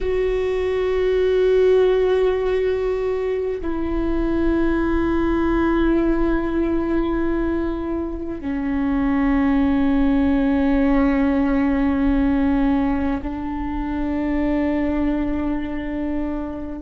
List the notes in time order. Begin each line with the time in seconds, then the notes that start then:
0.00 F#4
3.61 E4
8.41 C#4
13.22 D4